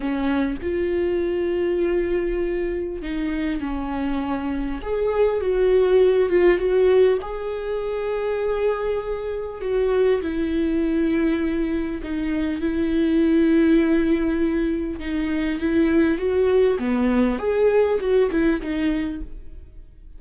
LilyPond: \new Staff \with { instrumentName = "viola" } { \time 4/4 \tempo 4 = 100 cis'4 f'2.~ | f'4 dis'4 cis'2 | gis'4 fis'4. f'8 fis'4 | gis'1 |
fis'4 e'2. | dis'4 e'2.~ | e'4 dis'4 e'4 fis'4 | b4 gis'4 fis'8 e'8 dis'4 | }